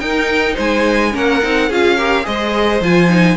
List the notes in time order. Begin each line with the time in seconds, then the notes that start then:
0.00 D#4 A#4 G5
0.55 G#3 C5 G#5
1.13 A#3 C#4 A#4 F#5
1.43 C4 D#4
1.70 C#4 F4 G#4 F5
1.97 G4 A#4
2.24 G#3 G#4 C5 D#5
2.81 F3 F4 G#5
3.09 D#4